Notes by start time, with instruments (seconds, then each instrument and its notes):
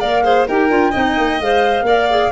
0.00 tuba A#3, clarinet A#4, violin D5, flute F5
0.24 clarinet G#4, violin C5
0.47 tuba D#4, clarinet G4, violin A#4, flute G5
0.69 tuba D4, clarinet F4
0.91 tuba C4, clarinet D#4, violin D#5
1.18 tuba A#3
1.40 tuba G#3, clarinet C5, flute F5
1.82 tuba A#3, clarinet A#4, violin D5
2.10 clarinet G#4